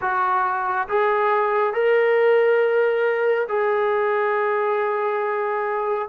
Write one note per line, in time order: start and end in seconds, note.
0.01 0.88 F#4
0.88 1.74 G#4
1.74 3.47 A#4
3.48 6.08 G#4